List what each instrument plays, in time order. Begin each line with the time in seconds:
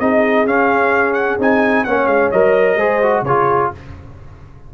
0.00 tuba C4, trombone D#4, horn G#4, trumpet D#5
0.45 tuba C#4, trombone C#4, trumpet F5
1.14 trumpet F#5
1.39 tuba C4, trombone D#4, trumpet G#5
1.84 tuba A#3, trombone C#4, horn C#5, trumpet F#5
2.07 tuba G#3, trumpet F5
2.32 tuba F#3, trombone A#4, trumpet D#5
2.76 tuba G#3, trombone G#4, horn C5
3.03 trombone F#4
3.22 tuba C#3, horn G#4, trumpet C#5
3.28 trombone F4